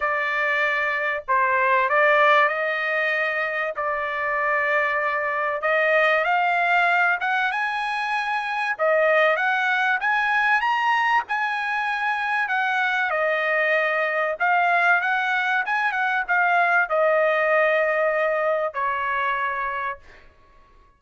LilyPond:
\new Staff \with { instrumentName = "trumpet" } { \time 4/4 \tempo 4 = 96 d''2 c''4 d''4 | dis''2 d''2~ | d''4 dis''4 f''4. fis''8 | gis''2 dis''4 fis''4 |
gis''4 ais''4 gis''2 | fis''4 dis''2 f''4 | fis''4 gis''8 fis''8 f''4 dis''4~ | dis''2 cis''2 | }